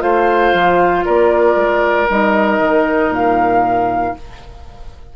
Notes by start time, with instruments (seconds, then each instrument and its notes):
0.00 bassoon A3, clarinet F4, oboe C5, flute F5
0.53 bassoon F3
1.06 bassoon A#3, oboe A#4, flute D5
1.56 bassoon G#3
2.10 bassoon G3, clarinet D#4, flute D#5
2.60 bassoon D#3
3.10 bassoon A#2, flute F5